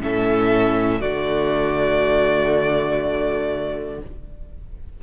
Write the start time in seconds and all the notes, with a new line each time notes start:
0.00 A2 C#4 A4 E5
1.00 D3 A3 F#4 D5